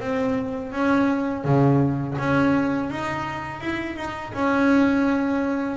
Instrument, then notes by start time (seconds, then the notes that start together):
double bass
0.00 C4
0.72 C#4
1.45 C#3
2.18 C#4
2.90 D#4
3.61 E4
3.96 D#4
4.33 C#4